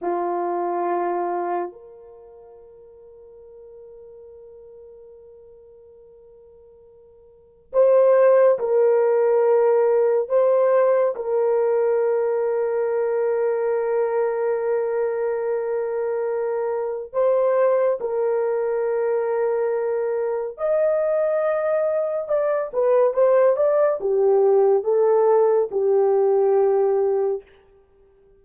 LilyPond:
\new Staff \with { instrumentName = "horn" } { \time 4/4 \tempo 4 = 70 f'2 ais'2~ | ais'1~ | ais'4 c''4 ais'2 | c''4 ais'2.~ |
ais'1 | c''4 ais'2. | dis''2 d''8 b'8 c''8 d''8 | g'4 a'4 g'2 | }